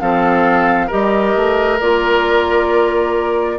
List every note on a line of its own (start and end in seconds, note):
0.00 0.90 F3
0.00 0.90 C4
0.00 0.87 A4
0.00 0.90 F5
0.87 1.36 G3
0.87 1.79 G4
0.87 3.56 A#4
0.87 1.80 D#5
1.36 1.81 A3
1.80 3.59 A#3
1.80 3.59 F4
1.80 3.59 D5